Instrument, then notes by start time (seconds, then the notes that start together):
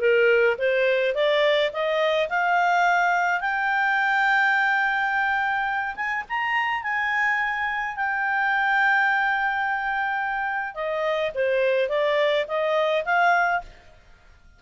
clarinet
0.00 A#4
0.58 C5
1.14 D5
1.72 D#5
2.30 F5
3.40 G5
5.96 G#5
6.29 A#5
6.83 G#5
7.96 G5
10.75 D#5
11.34 C5
11.89 D5
12.48 D#5
13.05 F5